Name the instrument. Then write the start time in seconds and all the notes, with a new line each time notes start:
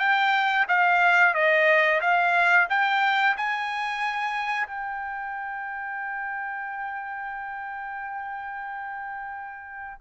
trumpet
0.00 G5
0.69 F5
1.35 D#5
2.02 F5
2.70 G5
3.37 G#5
4.67 G5